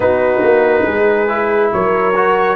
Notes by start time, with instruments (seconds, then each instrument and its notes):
0.00 tuba B3, trombone D#4, horn F#4, trumpet B4
0.42 tuba A#3
0.83 tuba G#3, horn G#4
1.27 trombone E4
1.72 tuba F#3, horn A#4, trumpet C#5
2.15 trombone F#4